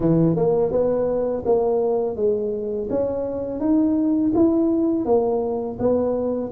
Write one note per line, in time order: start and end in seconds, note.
0.00 0.36 E3
0.36 0.71 A#3
0.71 1.44 B3
1.45 2.16 A#3
2.16 2.88 G#3
2.89 3.60 C#4
3.60 4.32 D#4
4.34 5.05 E4
5.05 5.77 A#3
5.79 6.51 B3